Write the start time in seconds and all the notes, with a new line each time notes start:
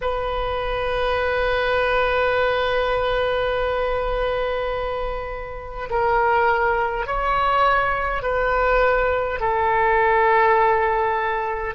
0.01 B4
5.89 A#4
7.06 C#5
8.22 B4
9.40 A4